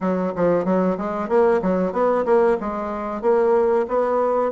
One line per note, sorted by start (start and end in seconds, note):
0.00 0.33 F#3
0.35 0.64 F3
0.64 0.96 F#3
0.97 1.28 G#3
1.28 1.60 A#3
1.61 1.92 F#3
1.92 2.24 B3
2.25 2.57 A#3
2.60 3.21 G#3
3.21 3.86 A#3
3.87 4.51 B3